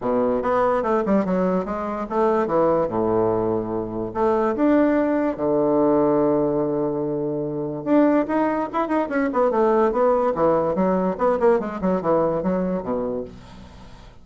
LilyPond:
\new Staff \with { instrumentName = "bassoon" } { \time 4/4 \tempo 4 = 145 b,4 b4 a8 g8 fis4 | gis4 a4 e4 a,4~ | a,2 a4 d'4~ | d'4 d2.~ |
d2. d'4 | dis'4 e'8 dis'8 cis'8 b8 a4 | b4 e4 fis4 b8 ais8 | gis8 fis8 e4 fis4 b,4 | }